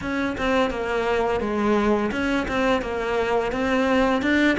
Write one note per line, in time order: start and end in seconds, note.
0.01 0.36 C#4
0.37 0.70 C4
0.70 1.40 A#3
1.40 2.10 G#3
2.11 2.46 C#4
2.48 2.81 C4
2.81 3.52 A#3
3.52 4.22 C4
4.22 4.57 D4